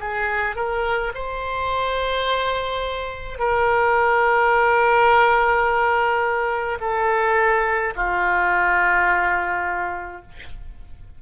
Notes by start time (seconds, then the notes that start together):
0.00 G#4
0.56 A#4
1.14 C5
3.39 A#4
6.80 A4
7.96 F4